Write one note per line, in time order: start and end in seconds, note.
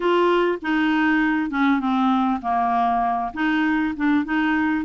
0.00 0.58 F4
0.62 1.50 D#4
1.50 1.79 C#4
1.79 2.40 C4
2.41 3.32 A#3
3.33 3.94 D#4
3.96 4.24 D4
4.24 4.85 D#4